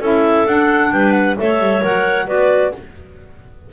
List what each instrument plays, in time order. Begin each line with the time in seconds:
0.00 double bass C#4, clarinet E4 A4 E5
0.46 double bass D4, clarinet D4 F#5
0.92 double bass G3, clarinet B4 G5
1.12 clarinet F#5
1.36 double bass A3, clarinet A4 C#5 E5
1.59 double bass G3
1.81 double bass F#3, clarinet A#4 F#5
2.26 double bass B3, clarinet F#4 B4 D5